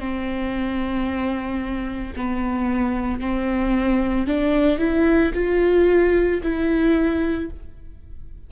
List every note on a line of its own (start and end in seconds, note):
0.00 2.14 C4
2.17 3.21 B3
3.21 4.28 C4
4.28 4.79 D4
4.79 5.32 E4
5.35 6.42 F4
6.43 7.50 E4